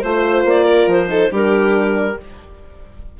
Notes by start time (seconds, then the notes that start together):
0.00 A3 F4 C5
0.44 A#3 D5
0.63 A#4
0.87 F3 C5
1.08 D#4 A4
1.30 G3 D4 G4 A#4